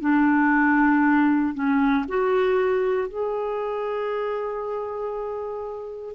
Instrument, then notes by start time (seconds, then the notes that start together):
clarinet
0.00 D4
1.54 C#4
2.08 F#4
3.08 G#4